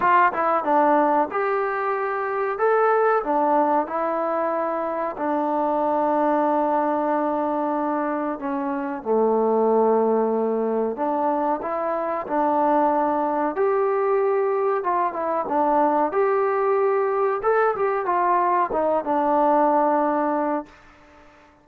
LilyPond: \new Staff \with { instrumentName = "trombone" } { \time 4/4 \tempo 4 = 93 f'8 e'8 d'4 g'2 | a'4 d'4 e'2 | d'1~ | d'4 cis'4 a2~ |
a4 d'4 e'4 d'4~ | d'4 g'2 f'8 e'8 | d'4 g'2 a'8 g'8 | f'4 dis'8 d'2~ d'8 | }